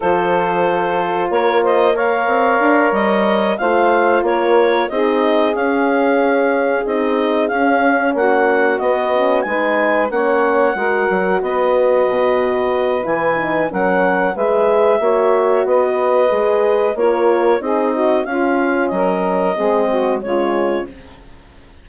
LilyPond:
<<
  \new Staff \with { instrumentName = "clarinet" } { \time 4/4 \tempo 4 = 92 c''2 cis''8 dis''8 f''4~ | f''8 dis''4 f''4 cis''4 dis''8~ | dis''8 f''2 dis''4 f''8~ | f''8 fis''4 dis''4 gis''4 fis''8~ |
fis''4. dis''2~ dis''8 | gis''4 fis''4 e''2 | dis''2 cis''4 dis''4 | f''4 dis''2 cis''4 | }
  \new Staff \with { instrumentName = "saxophone" } { \time 4/4 a'2 ais'8 c''8 cis''4~ | cis''4. c''4 ais'4 gis'8~ | gis'1~ | gis'8 fis'2 b'4 cis''8~ |
cis''8 ais'4 b'2~ b'8~ | b'4 ais'4 b'4 cis''4 | b'2 ais'4 gis'8 fis'8 | f'4 ais'4 gis'8 fis'8 f'4 | }
  \new Staff \with { instrumentName = "horn" } { \time 4/4 f'2. ais'4~ | ais'4. f'2 dis'8~ | dis'8 cis'2 dis'4 cis'8~ | cis'4. b8 cis'8 dis'4 cis'8~ |
cis'8 fis'2.~ fis'8 | e'8 dis'8 cis'4 gis'4 fis'4~ | fis'4 gis'4 f'4 dis'4 | cis'2 c'4 gis4 | }
  \new Staff \with { instrumentName = "bassoon" } { \time 4/4 f2 ais4. c'8 | d'8 g4 a4 ais4 c'8~ | c'8 cis'2 c'4 cis'8~ | cis'8 ais4 b4 gis4 ais8~ |
ais8 gis8 fis8 b4 b,4. | e4 fis4 gis4 ais4 | b4 gis4 ais4 c'4 | cis'4 fis4 gis4 cis4 | }
>>